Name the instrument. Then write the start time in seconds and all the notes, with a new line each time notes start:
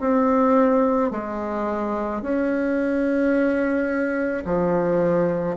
bassoon
0.00 C4
1.11 G#3
2.22 C#4
4.45 F3